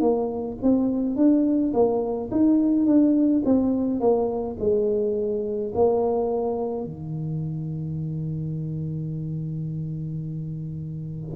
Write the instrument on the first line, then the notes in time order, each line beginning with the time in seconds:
tuba
0.00 A#3
0.62 C4
1.16 D4
1.73 A#3
2.31 D#4
2.86 D4
3.45 C4
4.00 A#3
4.59 G#3
5.74 A#3
6.84 D#3